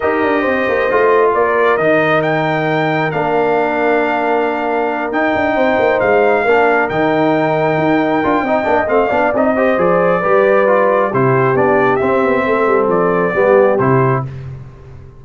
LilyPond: <<
  \new Staff \with { instrumentName = "trumpet" } { \time 4/4 \tempo 4 = 135 dis''2. d''4 | dis''4 g''2 f''4~ | f''2.~ f''8 g''8~ | g''4. f''2 g''8~ |
g''1 | f''4 dis''4 d''2~ | d''4 c''4 d''4 e''4~ | e''4 d''2 c''4 | }
  \new Staff \with { instrumentName = "horn" } { \time 4/4 ais'4 c''2 ais'4~ | ais'1~ | ais'1~ | ais'8 c''2 ais'4.~ |
ais'2. dis''4~ | dis''8 d''4 c''4. b'4~ | b'4 g'2. | a'2 g'2 | }
  \new Staff \with { instrumentName = "trombone" } { \time 4/4 g'2 f'2 | dis'2. d'4~ | d'2.~ d'8 dis'8~ | dis'2~ dis'8 d'4 dis'8~ |
dis'2~ dis'8 f'8 dis'8 d'8 | c'8 d'8 dis'8 g'8 gis'4 g'4 | f'4 e'4 d'4 c'4~ | c'2 b4 e'4 | }
  \new Staff \with { instrumentName = "tuba" } { \time 4/4 dis'8 d'8 c'8 ais8 a4 ais4 | dis2. ais4~ | ais2.~ ais8 dis'8 | d'8 c'8 ais8 gis4 ais4 dis8~ |
dis4. dis'4 d'8 c'8 ais8 | a8 b8 c'4 f4 g4~ | g4 c4 b4 c'8 b8 | a8 g8 f4 g4 c4 | }
>>